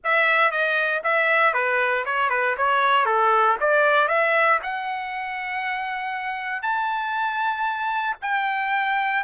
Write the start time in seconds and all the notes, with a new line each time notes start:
0.03 E5
0.51 D#5
1.03 E5
1.53 B4
2.05 C#5
2.29 B4
2.57 C#5
3.05 A4
3.60 D5
4.07 E5
4.62 F#5
6.62 A5
8.21 G5